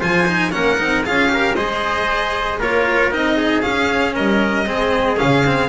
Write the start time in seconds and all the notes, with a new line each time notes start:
0.00 F3 F4 C5 G#5
0.28 D#4
0.52 A#3 C#4 A#4 F#5
0.78 C4 D#4
1.06 C#4 F4 G#4 F5
1.29 G4 A#4
1.56 G#3 G#4 C5 D#5
2.59 A#3 F4 A#4 C#5
3.12 C4 D#4 D#5
3.37 G#4
3.62 C#4 F5
4.15 G3 A#4 D#5
4.67 G#3 C4 G#4
5.17 C#3 C#4 F5
5.47 C4